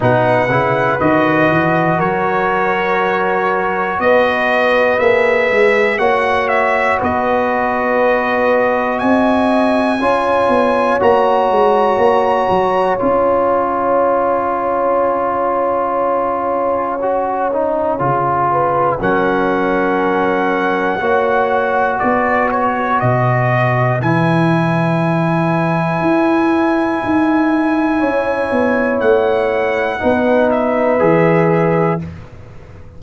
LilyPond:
<<
  \new Staff \with { instrumentName = "trumpet" } { \time 4/4 \tempo 4 = 60 fis''4 dis''4 cis''2 | dis''4 e''4 fis''8 e''8 dis''4~ | dis''4 gis''2 ais''4~ | ais''4 gis''2.~ |
gis''2. fis''4~ | fis''2 d''8 cis''8 dis''4 | gis''1~ | gis''4 fis''4. e''4. | }
  \new Staff \with { instrumentName = "horn" } { \time 4/4 b'2 ais'2 | b'2 cis''4 b'4~ | b'4 dis''4 cis''2~ | cis''1~ |
cis''2~ cis''8 b'8 ais'4~ | ais'4 cis''4 b'2~ | b'1 | cis''2 b'2 | }
  \new Staff \with { instrumentName = "trombone" } { \time 4/4 dis'8 e'8 fis'2.~ | fis'4 gis'4 fis'2~ | fis'2 f'4 fis'4~ | fis'4 f'2.~ |
f'4 fis'8 dis'8 f'4 cis'4~ | cis'4 fis'2. | e'1~ | e'2 dis'4 gis'4 | }
  \new Staff \with { instrumentName = "tuba" } { \time 4/4 b,8 cis8 dis8 e8 fis2 | b4 ais8 gis8 ais4 b4~ | b4 c'4 cis'8 b8 ais8 gis8 | ais8 fis8 cis'2.~ |
cis'2 cis4 fis4~ | fis4 ais4 b4 b,4 | e2 e'4 dis'4 | cis'8 b8 a4 b4 e4 | }
>>